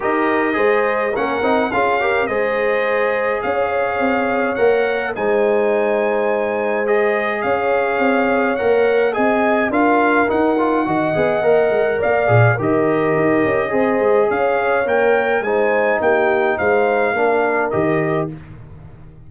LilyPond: <<
  \new Staff \with { instrumentName = "trumpet" } { \time 4/4 \tempo 4 = 105 dis''2 fis''4 f''4 | dis''2 f''2 | fis''4 gis''2. | dis''4 f''2 fis''4 |
gis''4 f''4 fis''2~ | fis''4 f''4 dis''2~ | dis''4 f''4 g''4 gis''4 | g''4 f''2 dis''4 | }
  \new Staff \with { instrumentName = "horn" } { \time 4/4 ais'4 c''4 ais'4 gis'8 ais'8 | c''2 cis''2~ | cis''4 c''2.~ | c''4 cis''2. |
dis''4 ais'2 dis''4~ | dis''4 d''4 ais'2 | c''4 cis''2 c''4 | g'4 c''4 ais'2 | }
  \new Staff \with { instrumentName = "trombone" } { \time 4/4 g'4 gis'4 cis'8 dis'8 f'8 g'8 | gis'1 | ais'4 dis'2. | gis'2. ais'4 |
gis'4 f'4 dis'8 f'8 fis'8 gis'8 | ais'4. gis'8 g'2 | gis'2 ais'4 dis'4~ | dis'2 d'4 g'4 | }
  \new Staff \with { instrumentName = "tuba" } { \time 4/4 dis'4 gis4 ais8 c'8 cis'4 | gis2 cis'4 c'4 | ais4 gis2.~ | gis4 cis'4 c'4 ais4 |
c'4 d'4 dis'4 dis8 b8 | ais8 gis8 ais8 ais,8 dis4 dis'8 cis'8 | c'8 gis8 cis'4 ais4 gis4 | ais4 gis4 ais4 dis4 | }
>>